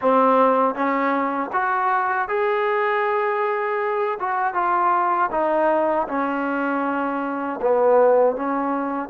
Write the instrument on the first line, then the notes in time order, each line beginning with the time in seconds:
trombone
0.01 C4
0.74 C#4
1.52 F#4
2.28 G#4
4.19 F#4
4.54 F4
5.31 D#4
6.08 C#4
7.61 B3
8.35 C#4